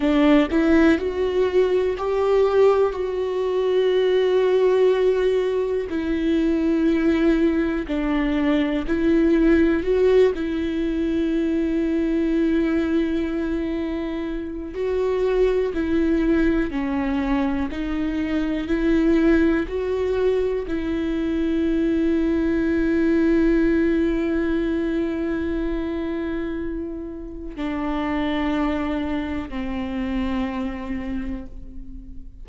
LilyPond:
\new Staff \with { instrumentName = "viola" } { \time 4/4 \tempo 4 = 61 d'8 e'8 fis'4 g'4 fis'4~ | fis'2 e'2 | d'4 e'4 fis'8 e'4.~ | e'2. fis'4 |
e'4 cis'4 dis'4 e'4 | fis'4 e'2.~ | e'1 | d'2 c'2 | }